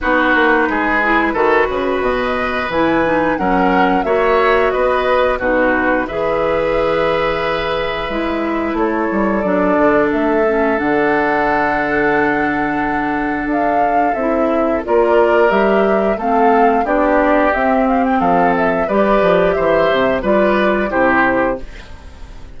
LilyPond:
<<
  \new Staff \with { instrumentName = "flute" } { \time 4/4 \tempo 4 = 89 b'2. dis''4 | gis''4 fis''4 e''4 dis''4 | b'4 e''2.~ | e''4 cis''4 d''4 e''4 |
fis''1 | f''4 e''4 d''4 e''4 | f''4 d''4 e''8 f''16 g''16 f''8 e''8 | d''4 e''4 d''4 c''4 | }
  \new Staff \with { instrumentName = "oboe" } { \time 4/4 fis'4 gis'4 a'8 b'4.~ | b'4 ais'4 cis''4 b'4 | fis'4 b'2.~ | b'4 a'2.~ |
a'1~ | a'2 ais'2 | a'4 g'2 a'4 | b'4 c''4 b'4 g'4 | }
  \new Staff \with { instrumentName = "clarinet" } { \time 4/4 dis'4. e'8 fis'2 | e'8 dis'8 cis'4 fis'2 | dis'4 gis'2. | e'2 d'4. cis'8 |
d'1~ | d'4 e'4 f'4 g'4 | c'4 d'4 c'2 | g'2 f'4 e'4 | }
  \new Staff \with { instrumentName = "bassoon" } { \time 4/4 b8 ais8 gis4 dis8 cis8 b,4 | e4 fis4 ais4 b4 | b,4 e2. | gis4 a8 g8 fis8 d8 a4 |
d1 | d'4 c'4 ais4 g4 | a4 b4 c'4 f4 | g8 f8 e8 c8 g4 c4 | }
>>